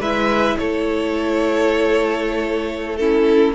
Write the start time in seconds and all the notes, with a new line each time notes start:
0.00 G#3 E4 B4 E5
0.58 A3 A4 C#5
2.97 C#4 E4 A4